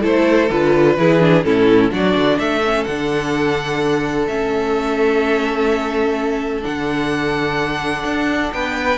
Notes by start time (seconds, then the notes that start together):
0.00 A3 E4 A4 C5
0.50 D3 F4 B4
0.97 E3 E4 G#4
1.20 D4
1.43 A2 C#4 E4 A4
1.91 F#3 D4 F#4 D5
2.15 D3
2.38 A3 A4 E5
2.64 C#4
2.84 D3 D4 F#5
4.28 A3 C#4 E5
6.62 D3 D4 F#5
8.04 D4
8.53 B3 B4 G5